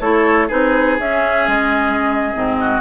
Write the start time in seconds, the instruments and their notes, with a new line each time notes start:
0.00 bassoon A3, clarinet E4, oboe A4, flute C#5
0.47 bassoon C4, clarinet D#4, oboe G#4, flute B4
0.99 bassoon C#4, clarinet C#4, flute E5
1.48 bassoon G#3, flute D#5
2.34 bassoon G#2, clarinet C4
2.60 oboe F#4